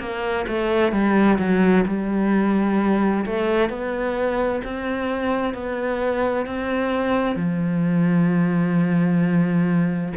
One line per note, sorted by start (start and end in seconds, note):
0.00 0.46 A#3
0.48 0.92 A3
0.92 1.38 G3
1.38 1.85 F#3
1.87 3.26 G3
3.26 3.69 A3
3.69 4.62 B3
4.64 5.54 C4
5.54 6.46 B3
6.47 7.36 C4
7.36 10.13 F3